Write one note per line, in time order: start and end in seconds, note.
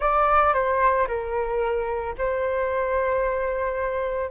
0.00 0.54 D5
0.54 1.07 C5
1.07 2.14 A#4
2.17 4.30 C5